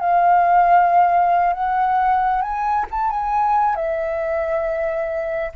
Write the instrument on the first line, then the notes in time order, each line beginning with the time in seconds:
flute
0.00 F5
1.54 F#5
2.42 G#5
2.92 A5
3.10 G#5
3.76 E5